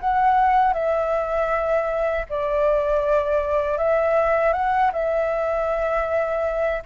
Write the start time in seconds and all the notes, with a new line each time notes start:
0.00 F#5
0.73 E5
2.29 D5
3.77 E5
4.53 F#5
4.92 E5